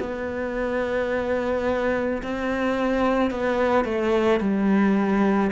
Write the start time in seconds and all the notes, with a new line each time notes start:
0.00 B3
2.23 C4
3.31 B3
3.85 A3
4.40 G3